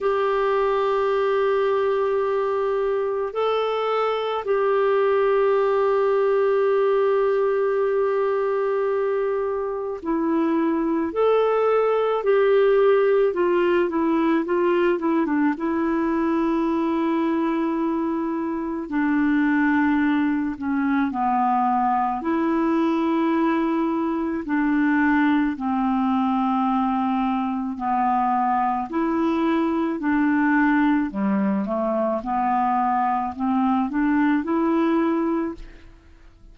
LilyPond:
\new Staff \with { instrumentName = "clarinet" } { \time 4/4 \tempo 4 = 54 g'2. a'4 | g'1~ | g'4 e'4 a'4 g'4 | f'8 e'8 f'8 e'16 d'16 e'2~ |
e'4 d'4. cis'8 b4 | e'2 d'4 c'4~ | c'4 b4 e'4 d'4 | g8 a8 b4 c'8 d'8 e'4 | }